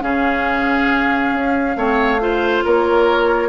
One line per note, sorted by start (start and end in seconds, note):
0.00 1.33 C#3
0.00 1.74 C#4
0.00 1.77 G#4
0.00 2.63 F5
1.33 1.77 C#4
1.77 2.63 A3
1.77 2.20 C4
1.77 2.22 C#5
2.21 3.49 F4
2.21 2.65 C5
2.65 3.49 A#3
2.65 3.49 A#4
2.65 3.49 C#5